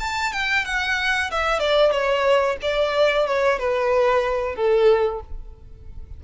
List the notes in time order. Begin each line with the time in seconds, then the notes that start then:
0.00 A5
0.33 G5
0.65 F#5
1.31 E5
1.59 D5
1.92 C#5
2.62 D5
3.27 C#5
3.59 B4
4.55 A4